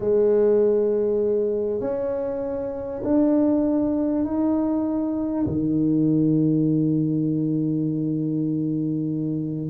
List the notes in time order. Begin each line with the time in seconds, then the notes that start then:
0.00 G#3
1.80 C#4
3.03 D4
4.25 D#4
5.46 D#3